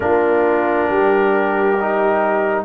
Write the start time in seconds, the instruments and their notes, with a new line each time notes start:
0.00 tuba A#3, trombone D4, horn F4, trumpet A#4
0.88 tuba G3, horn G4
1.80 trombone D#4